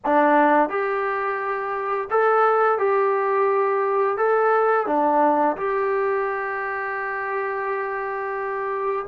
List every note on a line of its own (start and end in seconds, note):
0.05 0.69 D4
0.69 2.08 G4
2.10 2.78 A4
2.78 4.17 G4
4.17 4.86 A4
4.86 5.56 D4
5.57 9.05 G4